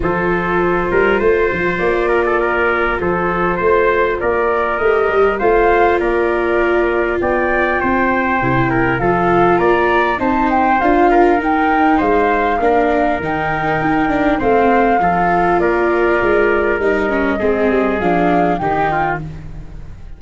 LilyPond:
<<
  \new Staff \with { instrumentName = "flute" } { \time 4/4 \tempo 4 = 100 c''2. d''4~ | d''4 c''2 d''4 | dis''4 f''4 d''2 | g''2. f''4 |
ais''4 a''8 g''8 f''4 g''4 | f''2 g''2 | f''2 d''2 | dis''2 f''4 g''4 | }
  \new Staff \with { instrumentName = "trumpet" } { \time 4/4 a'4. ais'8 c''4. ais'16 a'16 | ais'4 a'4 c''4 ais'4~ | ais'4 c''4 ais'2 | d''4 c''4. ais'8 a'4 |
d''4 c''4. ais'4. | c''4 ais'2. | c''4 a'4 ais'2~ | ais'4 gis'2 g'8 f'8 | }
  \new Staff \with { instrumentName = "viola" } { \time 4/4 f'1~ | f'1 | g'4 f'2.~ | f'2 e'4 f'4~ |
f'4 dis'4 f'4 dis'4~ | dis'4 d'4 dis'4. d'8 | c'4 f'2. | dis'8 cis'8 c'4 d'4 dis'4 | }
  \new Staff \with { instrumentName = "tuba" } { \time 4/4 f4. g8 a8 f8 ais4~ | ais4 f4 a4 ais4 | a8 g8 a4 ais2 | b4 c'4 c4 f4 |
ais4 c'4 d'4 dis'4 | gis4 ais4 dis4 dis'4 | a4 f4 ais4 gis4 | g4 gis8 g8 f4 dis4 | }
>>